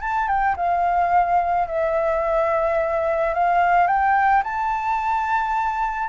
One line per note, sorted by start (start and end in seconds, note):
0.00 0.28 A5
0.28 0.55 G5
0.56 1.67 F5
1.67 3.34 E5
3.34 3.87 F5
3.87 4.43 G5
4.43 6.08 A5